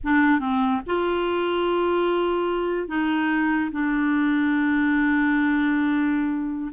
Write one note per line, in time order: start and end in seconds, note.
0.03 0.39 D4
0.39 0.81 C4
0.86 2.88 F4
2.88 3.70 D#4
3.71 6.71 D4